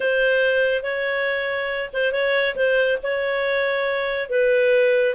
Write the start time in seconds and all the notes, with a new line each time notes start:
0.00 C5
0.83 C#5
1.93 C5
2.12 C#5
2.55 C5
3.03 C#5
4.29 B4